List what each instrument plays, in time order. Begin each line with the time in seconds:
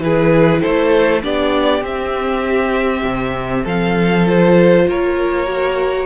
0.00 cello E3, viola E4, violin G#4 B4
0.60 cello A3, violin A4 C5
1.22 cello B3, viola D4, violin G4 D5
1.81 cello C4, viola C4, violin E5
3.04 cello C3
3.64 cello F3, violin A4 F5
4.27 viola F4, violin C5
4.88 cello A#3, violin A#4 C#5
5.46 viola F#4